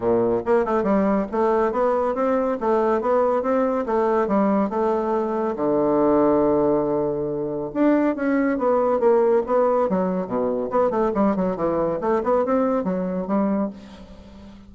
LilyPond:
\new Staff \with { instrumentName = "bassoon" } { \time 4/4 \tempo 4 = 140 ais,4 ais8 a8 g4 a4 | b4 c'4 a4 b4 | c'4 a4 g4 a4~ | a4 d2.~ |
d2 d'4 cis'4 | b4 ais4 b4 fis4 | b,4 b8 a8 g8 fis8 e4 | a8 b8 c'4 fis4 g4 | }